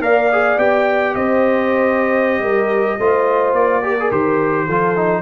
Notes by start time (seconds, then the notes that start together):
0.00 A#3 A#4 D5 F5
0.32 G#4
0.58 B3 G4 G5
1.15 C4 C5 D#5
2.39 G3 A#4
2.98 A3 F4 C5
3.53 A#3 D5
3.83 G4 A#4
4.00 G#4
4.11 D#3 G4 C5
4.66 F3 F4 A4
4.96 D#4